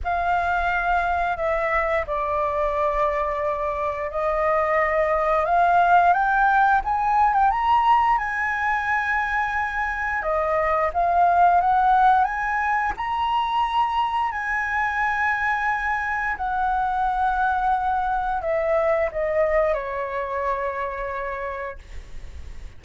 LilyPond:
\new Staff \with { instrumentName = "flute" } { \time 4/4 \tempo 4 = 88 f''2 e''4 d''4~ | d''2 dis''2 | f''4 g''4 gis''8. g''16 ais''4 | gis''2. dis''4 |
f''4 fis''4 gis''4 ais''4~ | ais''4 gis''2. | fis''2. e''4 | dis''4 cis''2. | }